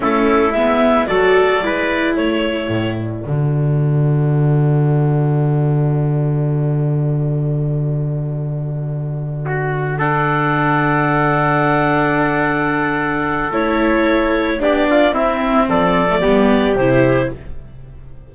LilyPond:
<<
  \new Staff \with { instrumentName = "clarinet" } { \time 4/4 \tempo 4 = 111 a'4 e''4 d''2 | cis''4. d''2~ d''8~ | d''1~ | d''1~ |
d''2~ d''8 fis''4.~ | fis''1~ | fis''4 cis''2 d''4 | e''4 d''2 c''4 | }
  \new Staff \with { instrumentName = "trumpet" } { \time 4/4 e'2 a'4 b'4 | a'1~ | a'1~ | a'1~ |
a'4. fis'4 a'4.~ | a'1~ | a'2. g'8 f'8 | e'4 a'4 g'2 | }
  \new Staff \with { instrumentName = "viola" } { \time 4/4 cis'4 b4 fis'4 e'4~ | e'2 fis'2~ | fis'1~ | fis'1~ |
fis'2~ fis'8 d'4.~ | d'1~ | d'4 e'2 d'4 | c'4.~ c'16 a16 b4 e'4 | }
  \new Staff \with { instrumentName = "double bass" } { \time 4/4 a4 gis4 fis4 gis4 | a4 a,4 d2~ | d1~ | d1~ |
d1~ | d1~ | d4 a2 b4 | c'4 f4 g4 c4 | }
>>